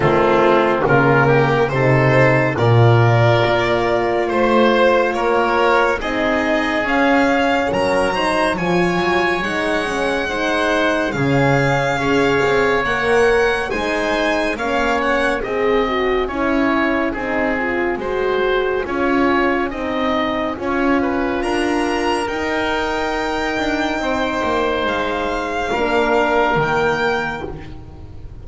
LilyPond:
<<
  \new Staff \with { instrumentName = "violin" } { \time 4/4 \tempo 4 = 70 f'4 ais'4 c''4 d''4~ | d''4 c''4 cis''4 dis''4 | f''4 ais''4 gis''4 fis''4~ | fis''4 f''2 fis''4 |
gis''4 f''8 fis''8 gis''2~ | gis''1~ | gis''4 ais''4 g''2~ | g''4 f''2 g''4 | }
  \new Staff \with { instrumentName = "oboe" } { \time 4/4 c'4 f'8 g'8 a'4 ais'4~ | ais'4 c''4 ais'4 gis'4~ | gis'4 ais'8 c''8 cis''2 | c''4 gis'4 cis''2 |
c''4 cis''4 dis''4 cis''4 | gis'4 c''4 cis''4 dis''4 | cis''8 b'8 ais'2. | c''2 ais'2 | }
  \new Staff \with { instrumentName = "horn" } { \time 4/4 a4 ais4 dis'4 f'4~ | f'2. dis'4 | cis'4. dis'8 f'4 dis'8 cis'8 | dis'4 cis'4 gis'4 ais'4 |
dis'4 cis'4 gis'8 fis'8 e'4 | dis'8 f'8 fis'4 f'4 dis'4 | f'2 dis'2~ | dis'2 d'4 ais4 | }
  \new Staff \with { instrumentName = "double bass" } { \time 4/4 dis4 cis4 c4 ais,4 | ais4 a4 ais4 c'4 | cis'4 fis4 f8 fis8 gis4~ | gis4 cis4 cis'8 c'8 ais4 |
gis4 ais4 c'4 cis'4 | c'4 gis4 cis'4 c'4 | cis'4 d'4 dis'4. d'8 | c'8 ais8 gis4 ais4 dis4 | }
>>